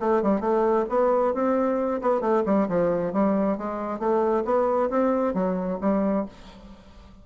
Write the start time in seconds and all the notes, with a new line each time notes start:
0.00 A3
0.22 G3
0.40 A3
0.89 B3
1.34 C4
2.01 B3
2.21 A3
2.46 G3
2.68 F3
3.13 G3
3.57 G#3
3.99 A3
4.45 B3
4.90 C4
5.34 F#3
5.80 G3